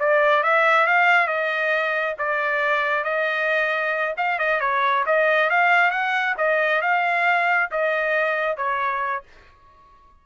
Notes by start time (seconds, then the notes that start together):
0.00 D5
0.44 E5
0.87 F5
1.28 D#5
2.19 D5
3.05 D#5
4.18 F5
4.39 D#5
4.61 C#5
5.07 D#5
5.50 F5
5.91 F#5
6.38 D#5
6.82 F5
7.72 D#5
8.57 C#5